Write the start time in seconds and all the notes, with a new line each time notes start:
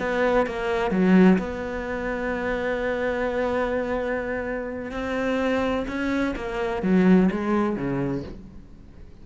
0.00 B3
0.47 A#3
0.91 F#3
1.39 B3
4.92 C4
5.88 C#4
6.37 A#3
6.83 F#3
7.32 G#3
7.77 C#3